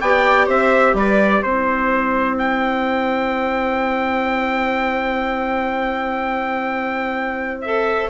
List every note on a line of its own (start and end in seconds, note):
0.00 0.48 B3
0.00 1.47 G4
0.00 0.46 D5
0.00 0.48 G5
0.46 0.93 C4
0.46 0.94 C5
0.46 0.97 E5
0.93 1.41 G3
0.93 1.44 B4
0.93 1.43 D5
1.43 8.09 C4
1.43 7.65 E4
1.43 2.38 C5
1.43 8.09 C5
2.38 7.61 G5
7.61 8.09 A4
7.61 8.09 E5